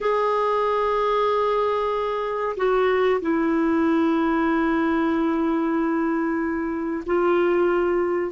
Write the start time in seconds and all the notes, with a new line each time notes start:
0.00 G#4
2.56 F#4
3.21 E4
7.06 F4